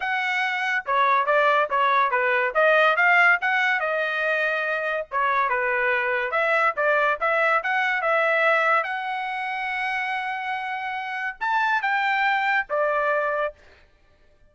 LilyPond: \new Staff \with { instrumentName = "trumpet" } { \time 4/4 \tempo 4 = 142 fis''2 cis''4 d''4 | cis''4 b'4 dis''4 f''4 | fis''4 dis''2. | cis''4 b'2 e''4 |
d''4 e''4 fis''4 e''4~ | e''4 fis''2.~ | fis''2. a''4 | g''2 d''2 | }